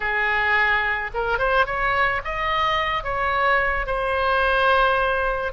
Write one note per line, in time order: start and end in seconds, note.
0.00 1.11 G#4
1.14 1.38 A#4
1.38 1.66 C5
1.66 2.21 C#5
2.24 3.03 D#5
3.03 3.86 C#5
3.86 5.52 C5